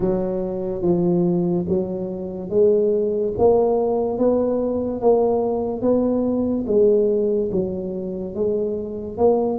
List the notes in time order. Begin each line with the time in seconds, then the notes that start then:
0.00 F#3
0.82 F3
1.68 F#3
2.49 G#3
3.37 A#3
4.18 B3
5.00 A#3
5.81 B3
6.67 G#3
7.51 F#3
8.34 G#3
9.17 A#3